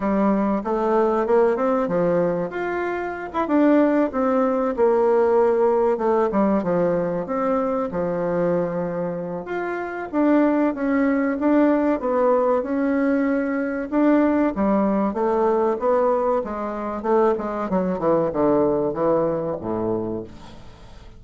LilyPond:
\new Staff \with { instrumentName = "bassoon" } { \time 4/4 \tempo 4 = 95 g4 a4 ais8 c'8 f4 | f'4~ f'16 e'16 d'4 c'4 ais8~ | ais4. a8 g8 f4 c'8~ | c'8 f2~ f8 f'4 |
d'4 cis'4 d'4 b4 | cis'2 d'4 g4 | a4 b4 gis4 a8 gis8 | fis8 e8 d4 e4 a,4 | }